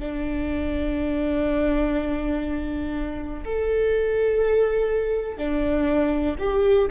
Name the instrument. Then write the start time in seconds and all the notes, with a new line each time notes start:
viola
0.00 D4
3.46 A4
5.38 D4
6.40 G4